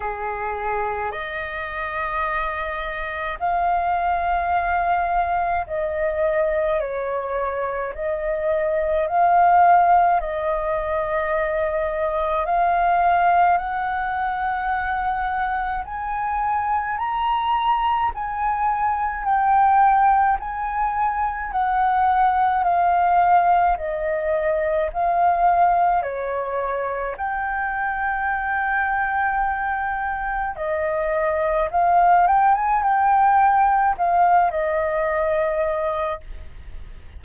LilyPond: \new Staff \with { instrumentName = "flute" } { \time 4/4 \tempo 4 = 53 gis'4 dis''2 f''4~ | f''4 dis''4 cis''4 dis''4 | f''4 dis''2 f''4 | fis''2 gis''4 ais''4 |
gis''4 g''4 gis''4 fis''4 | f''4 dis''4 f''4 cis''4 | g''2. dis''4 | f''8 g''16 gis''16 g''4 f''8 dis''4. | }